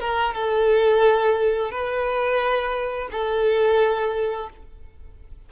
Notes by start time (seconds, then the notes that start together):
0.00 A#4
0.34 A4
1.71 B4
3.11 A4